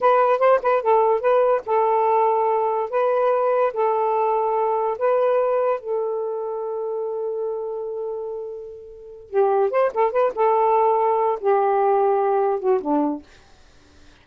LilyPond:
\new Staff \with { instrumentName = "saxophone" } { \time 4/4 \tempo 4 = 145 b'4 c''8 b'8 a'4 b'4 | a'2. b'4~ | b'4 a'2. | b'2 a'2~ |
a'1~ | a'2~ a'8 g'4 c''8 | a'8 b'8 a'2~ a'8 g'8~ | g'2~ g'8 fis'8 d'4 | }